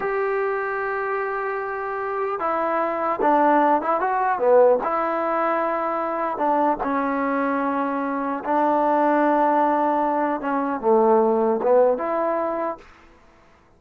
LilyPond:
\new Staff \with { instrumentName = "trombone" } { \time 4/4 \tempo 4 = 150 g'1~ | g'2 e'2 | d'4. e'8 fis'4 b4 | e'1 |
d'4 cis'2.~ | cis'4 d'2.~ | d'2 cis'4 a4~ | a4 b4 e'2 | }